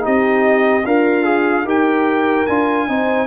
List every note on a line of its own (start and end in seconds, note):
0.00 0.84 C4
0.00 0.81 D#4
0.00 0.84 G4
0.00 0.86 D#5
0.84 1.63 D4
0.84 1.65 F4
0.84 1.23 A#4
0.84 1.67 F5
1.23 1.64 G#4
1.63 2.44 D#4
1.63 2.46 G4
1.63 2.86 A#4
1.63 2.46 G5
2.46 2.88 D4
2.46 2.88 F4
2.46 3.27 G#5
2.88 3.27 C4
2.88 3.27 D#4
2.88 3.27 C5